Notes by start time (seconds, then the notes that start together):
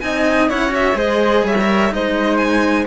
0.00 C4 D#4 D#5 G#5
0.49 C#4 E4 C#5 F#5
0.69 F#4 E5
0.94 G#3 G#4 C5 D#5
1.44 G3 C#5 E5
1.61 A#4
1.89 G#3 D#4 C5 D#5
2.37 G#5